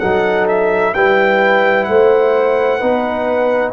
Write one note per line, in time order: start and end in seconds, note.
0.00 0.95 F#3
0.00 0.95 D#4
0.00 0.94 A4
0.00 0.47 F#5
0.48 0.94 E5
0.94 1.88 G3
0.94 2.81 E4
0.94 1.89 B4
0.94 1.84 G5
1.84 2.82 A3
1.84 2.79 C5
1.84 3.72 F#5
2.79 3.73 B3
2.79 3.73 D#4
2.79 3.73 B4